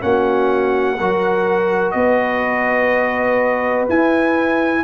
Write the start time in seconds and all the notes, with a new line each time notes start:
0.00 A#3 C#4 F#4 F#5
0.97 F#3 F#4 A#4
1.91 B3 B4 D#5
3.89 E4 G#5